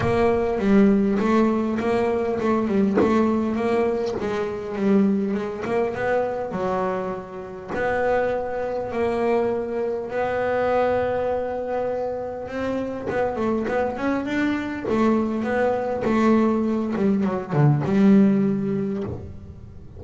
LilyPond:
\new Staff \with { instrumentName = "double bass" } { \time 4/4 \tempo 4 = 101 ais4 g4 a4 ais4 | a8 g8 a4 ais4 gis4 | g4 gis8 ais8 b4 fis4~ | fis4 b2 ais4~ |
ais4 b2.~ | b4 c'4 b8 a8 b8 cis'8 | d'4 a4 b4 a4~ | a8 g8 fis8 d8 g2 | }